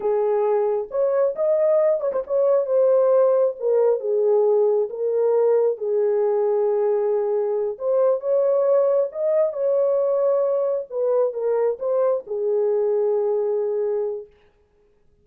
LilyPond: \new Staff \with { instrumentName = "horn" } { \time 4/4 \tempo 4 = 135 gis'2 cis''4 dis''4~ | dis''8 cis''16 c''16 cis''4 c''2 | ais'4 gis'2 ais'4~ | ais'4 gis'2.~ |
gis'4. c''4 cis''4.~ | cis''8 dis''4 cis''2~ cis''8~ | cis''8 b'4 ais'4 c''4 gis'8~ | gis'1 | }